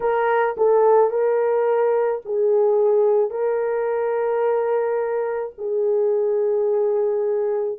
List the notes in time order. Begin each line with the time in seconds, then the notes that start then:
0.00 A#4
0.57 A4
1.10 A#4
2.25 G#4
3.30 A#4
5.58 G#4